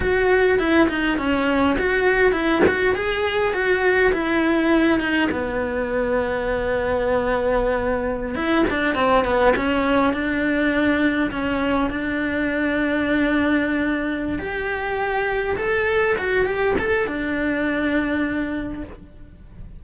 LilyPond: \new Staff \with { instrumentName = "cello" } { \time 4/4 \tempo 4 = 102 fis'4 e'8 dis'8 cis'4 fis'4 | e'8 fis'8 gis'4 fis'4 e'4~ | e'8 dis'8 b2.~ | b2~ b16 e'8 d'8 c'8 b16~ |
b16 cis'4 d'2 cis'8.~ | cis'16 d'2.~ d'8.~ | d'8 g'2 a'4 fis'8 | g'8 a'8 d'2. | }